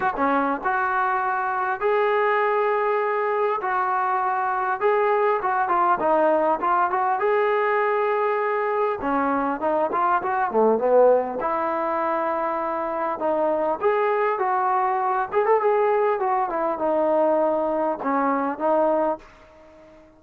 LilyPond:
\new Staff \with { instrumentName = "trombone" } { \time 4/4 \tempo 4 = 100 fis'16 cis'8. fis'2 gis'4~ | gis'2 fis'2 | gis'4 fis'8 f'8 dis'4 f'8 fis'8 | gis'2. cis'4 |
dis'8 f'8 fis'8 a8 b4 e'4~ | e'2 dis'4 gis'4 | fis'4. gis'16 a'16 gis'4 fis'8 e'8 | dis'2 cis'4 dis'4 | }